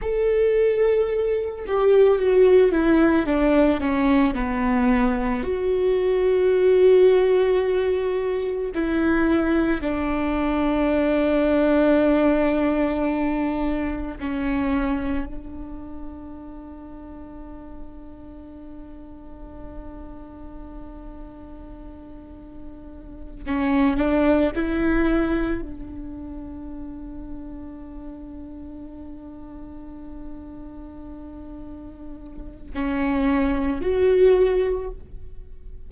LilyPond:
\new Staff \with { instrumentName = "viola" } { \time 4/4 \tempo 4 = 55 a'4. g'8 fis'8 e'8 d'8 cis'8 | b4 fis'2. | e'4 d'2.~ | d'4 cis'4 d'2~ |
d'1~ | d'4. cis'8 d'8 e'4 d'8~ | d'1~ | d'2 cis'4 fis'4 | }